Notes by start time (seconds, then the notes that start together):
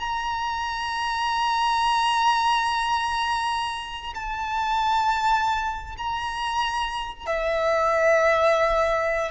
0.00 A#5
4.15 A5
5.98 A#5
7.26 E5